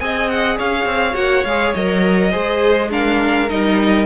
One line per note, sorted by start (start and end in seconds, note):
0.00 0.58 C4
0.00 1.14 G#4
0.00 0.57 D#5
0.00 0.29 G#5
0.29 0.58 F#5
0.57 0.85 C#4
0.57 2.31 C#5
0.57 1.15 F5
0.85 1.14 C4
1.14 1.44 A#3
1.14 1.43 F#4
1.14 1.44 F#5
1.44 1.74 G#3
1.44 1.77 G#4
1.44 1.74 F5
1.74 2.33 F#3
1.74 2.31 A#4
1.74 2.91 D#5
2.31 3.50 G#3
2.31 2.89 G#4
2.31 2.89 C5
2.90 3.48 D4
2.90 4.06 A#4
2.90 3.49 F5
3.49 4.06 G3
3.49 4.06 D#4
3.49 4.06 D#5